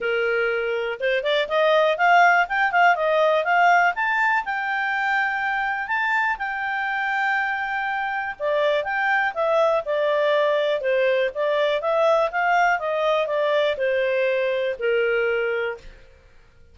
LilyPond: \new Staff \with { instrumentName = "clarinet" } { \time 4/4 \tempo 4 = 122 ais'2 c''8 d''8 dis''4 | f''4 g''8 f''8 dis''4 f''4 | a''4 g''2. | a''4 g''2.~ |
g''4 d''4 g''4 e''4 | d''2 c''4 d''4 | e''4 f''4 dis''4 d''4 | c''2 ais'2 | }